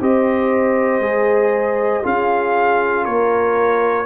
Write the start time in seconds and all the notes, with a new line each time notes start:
0.00 C4 G4 C5 D#5
0.99 G#3 G#4
2.03 C#4 F4 G#4 F5
3.04 A#3 A#4 C#5